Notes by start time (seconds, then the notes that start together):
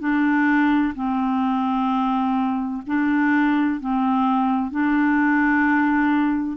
0.00 D4
0.95 C4
2.87 D4
3.81 C4
4.71 D4